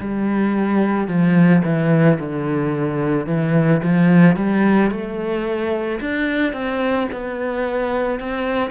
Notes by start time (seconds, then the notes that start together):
0.00 G3
1.08 F3
1.64 E3
2.20 D3
3.27 E3
3.83 F3
4.36 G3
4.91 A3
6.00 D4
6.53 C4
7.12 B3
8.20 C4